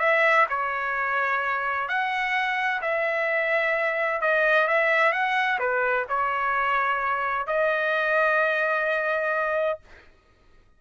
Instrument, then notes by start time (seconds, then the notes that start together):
trumpet
0.00 E5
0.49 C#5
1.89 F#5
2.82 E5
4.21 D#5
4.68 E5
5.13 F#5
5.60 B4
6.09 C#5
7.47 D#5